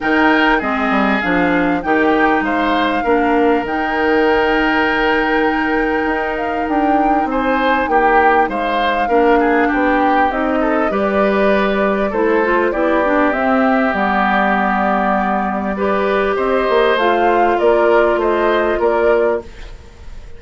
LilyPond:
<<
  \new Staff \with { instrumentName = "flute" } { \time 4/4 \tempo 4 = 99 g''4 dis''4 f''4 g''4 | f''2 g''2~ | g''2~ g''8 f''8 g''4 | gis''4 g''4 f''2 |
g''4 dis''4 d''2 | c''4 d''4 e''4 d''4~ | d''2. dis''4 | f''4 d''4 dis''4 d''4 | }
  \new Staff \with { instrumentName = "oboe" } { \time 4/4 ais'4 gis'2 g'4 | c''4 ais'2.~ | ais'1 | c''4 g'4 c''4 ais'8 gis'8 |
g'4. a'8 b'2 | a'4 g'2.~ | g'2 b'4 c''4~ | c''4 ais'4 c''4 ais'4 | }
  \new Staff \with { instrumentName = "clarinet" } { \time 4/4 dis'4 c'4 d'4 dis'4~ | dis'4 d'4 dis'2~ | dis'1~ | dis'2. d'4~ |
d'4 dis'4 g'2 | e'8 f'8 e'8 d'8 c'4 b4~ | b2 g'2 | f'1 | }
  \new Staff \with { instrumentName = "bassoon" } { \time 4/4 dis4 gis8 g8 f4 dis4 | gis4 ais4 dis2~ | dis2 dis'4 d'4 | c'4 ais4 gis4 ais4 |
b4 c'4 g2 | a4 b4 c'4 g4~ | g2. c'8 ais8 | a4 ais4 a4 ais4 | }
>>